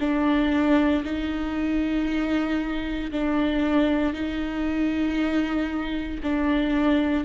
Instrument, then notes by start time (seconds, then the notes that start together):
viola
0.00 D4
1.04 D#4
3.11 D4
4.13 D#4
6.23 D4